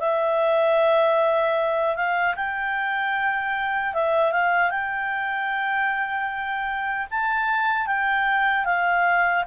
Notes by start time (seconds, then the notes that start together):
0.00 E5
1.96 F5
2.36 G5
3.94 E5
4.32 F5
4.70 G5
7.11 A5
7.87 G5
8.65 F5